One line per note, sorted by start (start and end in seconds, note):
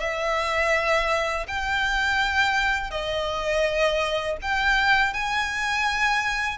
0.00 1.46 E5
1.48 2.91 G5
2.91 4.37 D#5
4.42 5.14 G5
5.14 6.58 G#5